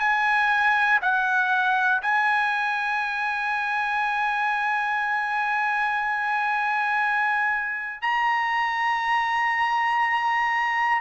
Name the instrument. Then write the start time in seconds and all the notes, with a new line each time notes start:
trumpet
0.00 G#5
1.02 F#5
2.02 G#5
8.02 A#5